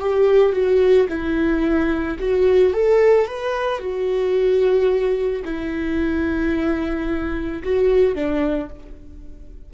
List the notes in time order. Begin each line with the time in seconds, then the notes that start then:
0.00 G4
0.53 F#4
1.09 E4
2.19 F#4
2.74 A4
3.27 B4
3.79 F#4
5.45 E4
7.64 F#4
8.15 D4